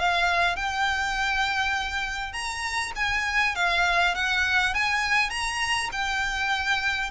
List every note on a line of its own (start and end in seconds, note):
0.00 0.56 F5
0.56 2.33 G5
2.33 2.93 A#5
2.96 3.56 G#5
3.56 4.15 F5
4.15 4.74 F#5
4.74 5.31 G#5
5.31 5.90 A#5
5.93 7.11 G5